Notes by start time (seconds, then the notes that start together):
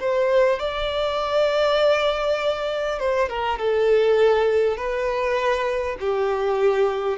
0.00 C5
0.59 D5
3.00 C5
3.29 A#4
3.59 A4
4.77 B4
6.00 G4